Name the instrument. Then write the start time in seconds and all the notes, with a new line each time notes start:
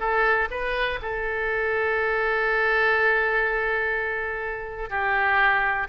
oboe
0.00 A4
0.51 B4
1.02 A4
4.90 G4